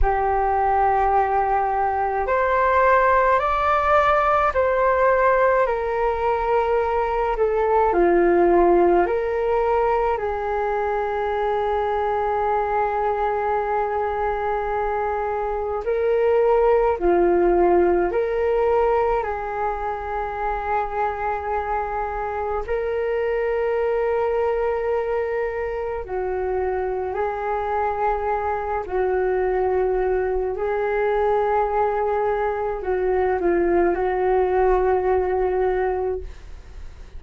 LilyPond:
\new Staff \with { instrumentName = "flute" } { \time 4/4 \tempo 4 = 53 g'2 c''4 d''4 | c''4 ais'4. a'8 f'4 | ais'4 gis'2.~ | gis'2 ais'4 f'4 |
ais'4 gis'2. | ais'2. fis'4 | gis'4. fis'4. gis'4~ | gis'4 fis'8 f'8 fis'2 | }